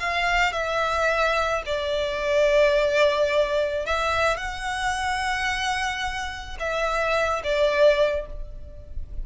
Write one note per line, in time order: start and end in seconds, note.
0.00 0.53 F5
0.53 1.63 E5
1.66 3.86 D5
3.86 4.37 E5
4.37 6.58 F#5
6.60 7.42 E5
7.44 8.27 D5